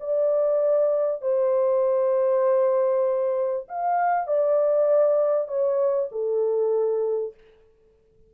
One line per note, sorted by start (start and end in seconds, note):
0.00 1.22 D5
1.22 3.67 C5
3.68 4.27 F5
4.27 5.48 D5
5.48 6.09 C#5
6.12 7.34 A4